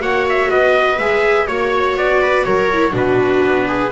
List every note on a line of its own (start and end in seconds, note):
0.00 0.49 A#3
0.00 0.98 F#4
0.00 0.51 C#5
0.00 0.27 F#5
0.29 0.51 E5
0.51 0.99 B3
0.51 1.48 B4
0.51 0.99 D#5
0.99 1.48 G#3
0.99 1.48 G#4
0.99 1.47 E5
1.47 1.96 A#3
1.47 2.70 F#4
1.47 1.96 C#5
1.47 2.22 C#5
1.96 2.45 B3
1.96 2.45 D5
2.22 2.47 B4
2.45 2.93 F#3
2.45 2.92 A#4
2.45 2.93 C#5
2.73 2.91 E4
2.91 3.42 B2
2.91 3.89 D4
2.91 3.66 F#4
2.91 3.92 B4
3.43 3.91 B3
3.68 3.92 G#4